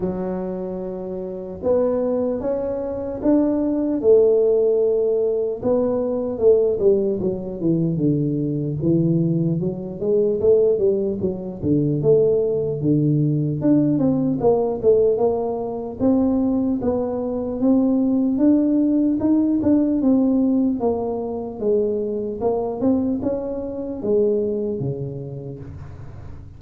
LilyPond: \new Staff \with { instrumentName = "tuba" } { \time 4/4 \tempo 4 = 75 fis2 b4 cis'4 | d'4 a2 b4 | a8 g8 fis8 e8 d4 e4 | fis8 gis8 a8 g8 fis8 d8 a4 |
d4 d'8 c'8 ais8 a8 ais4 | c'4 b4 c'4 d'4 | dis'8 d'8 c'4 ais4 gis4 | ais8 c'8 cis'4 gis4 cis4 | }